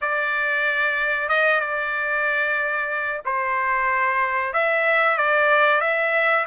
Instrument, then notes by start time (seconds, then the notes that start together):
trumpet
0.01 D5
1.28 D#5
1.60 D5
3.25 C5
4.53 E5
5.17 D5
5.80 E5